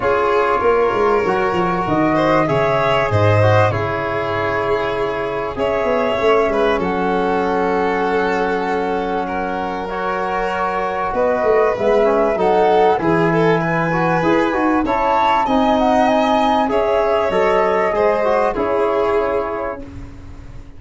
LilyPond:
<<
  \new Staff \with { instrumentName = "flute" } { \time 4/4 \tempo 4 = 97 cis''2. dis''4 | e''4 dis''4 cis''2~ | cis''4 e''2 fis''4~ | fis''1 |
cis''2 dis''4 e''4 | fis''4 gis''2. | a''4 gis''8 fis''8 gis''4 e''4 | dis''2 cis''2 | }
  \new Staff \with { instrumentName = "violin" } { \time 4/4 gis'4 ais'2~ ais'8 c''8 | cis''4 c''4 gis'2~ | gis'4 cis''4. b'8 a'4~ | a'2. ais'4~ |
ais'2 b'2 | a'4 gis'8 a'8 b'2 | cis''4 dis''2 cis''4~ | cis''4 c''4 gis'2 | }
  \new Staff \with { instrumentName = "trombone" } { \time 4/4 f'2 fis'2 | gis'4. fis'8 e'2~ | e'4 gis'4 cis'2~ | cis'1 |
fis'2. b8 cis'8 | dis'4 e'4. fis'8 gis'8 fis'8 | e'4 dis'2 gis'4 | a'4 gis'8 fis'8 e'2 | }
  \new Staff \with { instrumentName = "tuba" } { \time 4/4 cis'4 ais8 gis8 fis8 f8 dis4 | cis4 gis,4 cis2~ | cis4 cis'8 b8 a8 gis8 fis4~ | fis1~ |
fis2 b8 a8 gis4 | fis4 e2 e'8 dis'8 | cis'4 c'2 cis'4 | fis4 gis4 cis'2 | }
>>